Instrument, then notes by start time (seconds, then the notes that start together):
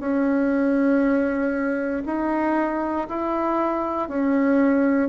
bassoon
0.00 C#4
2.06 D#4
3.09 E4
4.09 C#4